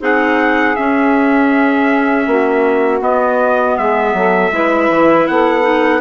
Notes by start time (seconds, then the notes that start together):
0.00 C4 D#4 G#4 F#5
0.76 C#4 E5
2.27 A#3 F#4
3.01 B3 D#5
3.78 G#3 G#4 E5
4.13 F#3 A4
4.51 G#3 E4 B4
4.90 E3
5.27 B3 A4 F#5
5.62 D#4